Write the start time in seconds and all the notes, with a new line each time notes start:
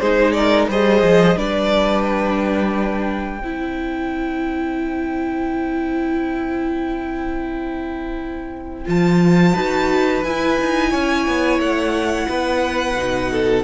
0.00 G#3 D#4 G#4 C5
0.32 A#4 D5
0.69 G3 G#4 C5 D#5
1.02 F3
1.36 G3 D4 B4 D5
2.05 G5
3.41 C4 E4 C5
8.86 F3 F4 A5
9.54 D#4 F#4 B4
10.24 E4 G#5
10.61 D#4
10.90 C#4 C#5
11.28 B3
11.59 A3 F#5
12.29 B3 B4
12.96 B2 D#4
13.32 A4